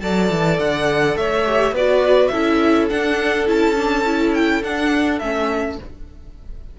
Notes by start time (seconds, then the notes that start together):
0.00 F#3 A4 D5 A5
0.31 E3
0.59 D3 F#5
1.16 A3 C#5 E5
1.46 G4
1.72 B3 F#4 B4 D5
2.28 C#4 E4 A4 E5
2.90 D4 F#5
3.47 C#4 E4 A5
3.76 D4
4.05 E4
4.34 G5
4.63 D4 F#5
5.19 A3 C#4 E5